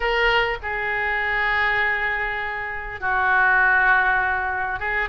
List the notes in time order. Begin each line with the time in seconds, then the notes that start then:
0.00 A#4
0.62 G#4
3.00 F#4
4.79 G#4